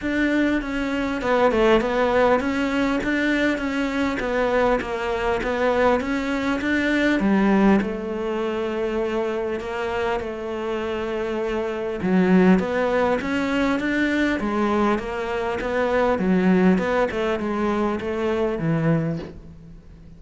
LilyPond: \new Staff \with { instrumentName = "cello" } { \time 4/4 \tempo 4 = 100 d'4 cis'4 b8 a8 b4 | cis'4 d'4 cis'4 b4 | ais4 b4 cis'4 d'4 | g4 a2. |
ais4 a2. | fis4 b4 cis'4 d'4 | gis4 ais4 b4 fis4 | b8 a8 gis4 a4 e4 | }